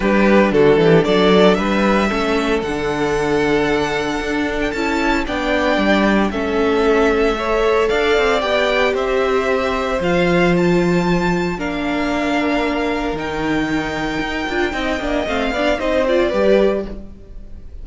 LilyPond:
<<
  \new Staff \with { instrumentName = "violin" } { \time 4/4 \tempo 4 = 114 b'4 a'4 d''4 e''4~ | e''4 fis''2.~ | fis''8. g''16 a''4 g''2 | e''2. f''4 |
g''4 e''2 f''4 | a''2 f''2~ | f''4 g''2.~ | g''4 f''4 dis''8 d''4. | }
  \new Staff \with { instrumentName = "violin" } { \time 4/4 g'4 fis'8 g'8 a'4 b'4 | a'1~ | a'2 d''2 | a'2 cis''4 d''4~ |
d''4 c''2.~ | c''2 ais'2~ | ais'1 | dis''4. d''8 c''4 b'4 | }
  \new Staff \with { instrumentName = "viola" } { \time 4/4 d'1 | cis'4 d'2.~ | d'4 e'4 d'2 | cis'2 a'2 |
g'2. f'4~ | f'2 d'2~ | d'4 dis'2~ dis'8 f'8 | dis'8 d'8 c'8 d'8 dis'8 f'8 g'4 | }
  \new Staff \with { instrumentName = "cello" } { \time 4/4 g4 d8 e8 fis4 g4 | a4 d2. | d'4 cis'4 b4 g4 | a2. d'8 c'8 |
b4 c'2 f4~ | f2 ais2~ | ais4 dis2 dis'8 d'8 | c'8 ais8 a8 b8 c'4 g4 | }
>>